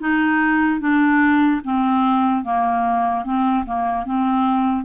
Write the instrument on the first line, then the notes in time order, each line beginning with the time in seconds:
clarinet
0.00 D#4
0.80 D4
1.64 C4
2.44 A#3
3.25 C4
3.66 A#3
4.05 C4